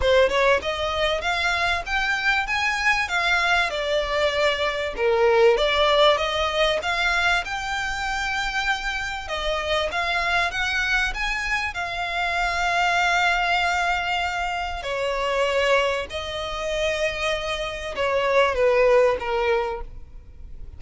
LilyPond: \new Staff \with { instrumentName = "violin" } { \time 4/4 \tempo 4 = 97 c''8 cis''8 dis''4 f''4 g''4 | gis''4 f''4 d''2 | ais'4 d''4 dis''4 f''4 | g''2. dis''4 |
f''4 fis''4 gis''4 f''4~ | f''1 | cis''2 dis''2~ | dis''4 cis''4 b'4 ais'4 | }